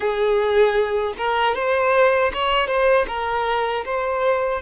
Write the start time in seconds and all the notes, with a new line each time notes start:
0.00 G#4
1.17 A#4
1.54 C5
2.33 C#5
2.67 C5
3.07 A#4
3.85 C5